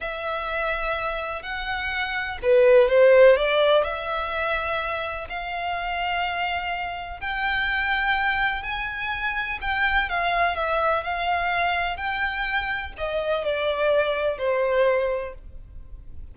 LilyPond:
\new Staff \with { instrumentName = "violin" } { \time 4/4 \tempo 4 = 125 e''2. fis''4~ | fis''4 b'4 c''4 d''4 | e''2. f''4~ | f''2. g''4~ |
g''2 gis''2 | g''4 f''4 e''4 f''4~ | f''4 g''2 dis''4 | d''2 c''2 | }